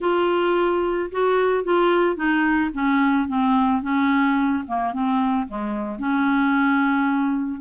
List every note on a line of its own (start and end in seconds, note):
0.00 1.10 F4
1.11 1.63 F#4
1.63 2.15 F4
2.15 2.70 D#4
2.73 3.28 C#4
3.28 3.82 C4
3.82 4.63 C#4
4.67 4.93 A#3
4.93 5.47 C4
5.48 5.99 G#3
5.99 7.60 C#4